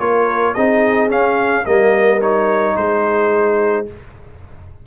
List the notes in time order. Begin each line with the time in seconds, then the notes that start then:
0.00 A#3 F4 A#4 C#5
0.54 C4 D#4 G#4 D#5
1.10 C#4 F5
1.66 G3 A#3 A#4 D#5
2.22 D#4 C#5
2.76 G#3 G#4 C5